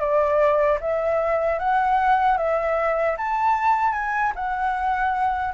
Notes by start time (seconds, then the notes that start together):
0.00 D5
0.81 E5
1.59 F#5
2.38 E5
3.18 A5
3.93 G#5
4.36 F#5